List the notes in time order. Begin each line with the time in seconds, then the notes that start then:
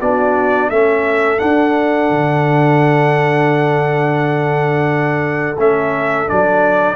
0.00 B3 D4 F#4 D5
0.70 A3 C#4 A4 E5
1.38 D4 F#5
2.10 D3
5.58 A3 C#4 E5
6.28 F#3 D4 D5